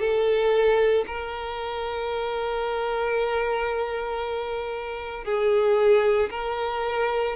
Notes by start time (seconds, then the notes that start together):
0.00 A4
1.07 A#4
5.24 G#4
6.31 A#4